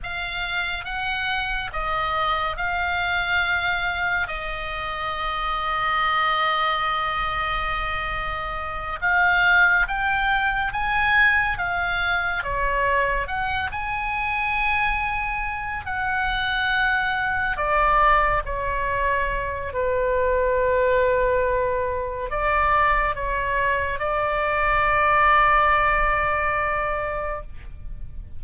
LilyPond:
\new Staff \with { instrumentName = "oboe" } { \time 4/4 \tempo 4 = 70 f''4 fis''4 dis''4 f''4~ | f''4 dis''2.~ | dis''2~ dis''8 f''4 g''8~ | g''8 gis''4 f''4 cis''4 fis''8 |
gis''2~ gis''8 fis''4.~ | fis''8 d''4 cis''4. b'4~ | b'2 d''4 cis''4 | d''1 | }